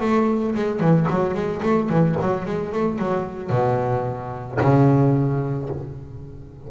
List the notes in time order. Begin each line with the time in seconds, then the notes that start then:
0.00 A3
0.55 G#3
0.80 E3
1.10 F#3
1.34 G#3
1.62 A3
1.89 E3
2.21 F#3
2.45 G#3
2.72 A3
2.98 F#3
3.50 B2
4.61 C#3